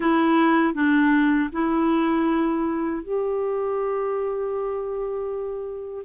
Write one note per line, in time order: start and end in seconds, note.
0.00 0.74 E4
0.74 1.50 D4
1.52 3.03 E4
3.03 6.04 G4